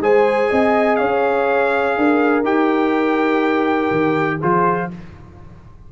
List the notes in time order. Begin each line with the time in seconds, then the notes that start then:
0.00 G#3 G#4 C5 G#5
0.50 C4 D#5
0.96 C#4 C#5 F5
1.97 D4 A#4
2.43 D#4 G4 G5
3.91 D#3
4.38 F3 F4 G#4 C5